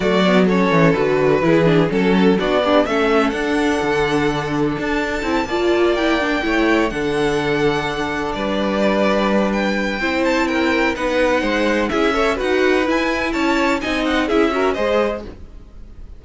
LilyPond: <<
  \new Staff \with { instrumentName = "violin" } { \time 4/4 \tempo 4 = 126 d''4 cis''4 b'2 | a'4 d''4 e''4 fis''4~ | fis''2 a''2~ | a''8 g''2 fis''4.~ |
fis''4. d''2~ d''8 | g''4. a''8 g''4 fis''4~ | fis''4 e''4 fis''4 gis''4 | a''4 gis''8 fis''8 e''4 dis''4 | }
  \new Staff \with { instrumentName = "violin" } { \time 4/4 fis'4 a'2 gis'4 | a'4 fis'8 d'8 a'2~ | a'2.~ a'8 d''8~ | d''4. cis''4 a'4.~ |
a'4. b'2~ b'8~ | b'4 c''4 ais'4 b'4 | c''4 gis'8 cis''8 b'2 | cis''4 dis''4 gis'8 ais'8 c''4 | }
  \new Staff \with { instrumentName = "viola" } { \time 4/4 a8 b8 cis'4 fis'4 e'8 d'8 | cis'4 d'8 g'8 cis'4 d'4~ | d'2. e'8 f'8~ | f'8 e'8 d'8 e'4 d'4.~ |
d'1~ | d'4 e'2 dis'4~ | dis'4 e'8 a'8 fis'4 e'4~ | e'4 dis'4 e'8 fis'8 gis'4 | }
  \new Staff \with { instrumentName = "cello" } { \time 4/4 fis4. e8 d4 e4 | fis4 b4 a4 d'4 | d2 d'4 c'8 ais8~ | ais4. a4 d4.~ |
d4. g2~ g8~ | g4 c'2 b4 | gis4 cis'4 dis'4 e'4 | cis'4 c'4 cis'4 gis4 | }
>>